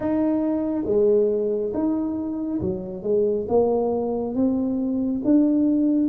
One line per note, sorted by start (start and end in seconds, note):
0.00 0.84 D#4
0.85 1.72 G#3
1.74 2.60 D#4
2.61 3.02 F#3
3.02 3.46 G#3
3.48 4.34 A#3
4.34 5.21 C4
5.24 6.09 D4